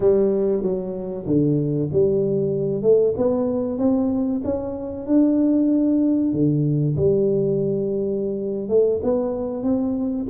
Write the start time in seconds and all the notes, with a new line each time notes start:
0.00 G3
0.62 F#3
1.26 D3
1.92 G3
2.82 A3
3.17 B3
3.78 C4
4.44 C#4
5.06 D4
6.32 D3
6.96 G3
8.68 A3
9.03 B3
9.63 C4